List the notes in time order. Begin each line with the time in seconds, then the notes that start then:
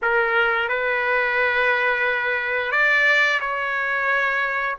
0.02 A#4
0.68 B4
2.71 D5
3.40 C#5